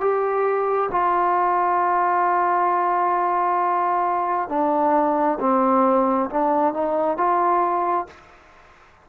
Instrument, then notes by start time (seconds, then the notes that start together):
trombone
0.00 G4
0.91 F4
4.49 D4
5.40 C4
6.30 D4
6.74 D#4
7.17 F4